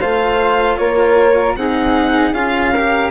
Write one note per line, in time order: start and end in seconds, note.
0.00 0.79 A3
0.00 1.57 F4
0.00 0.78 C5
0.00 0.78 F5
0.78 1.56 A#3
0.78 1.58 A#4
0.78 1.56 C#5
1.56 2.32 C4
1.56 2.35 D#4
1.56 2.73 G#4
1.56 2.34 F#5
2.32 3.10 C#4
2.32 2.74 F4
2.32 3.11 F5
2.73 3.11 G4
2.73 3.11 A#4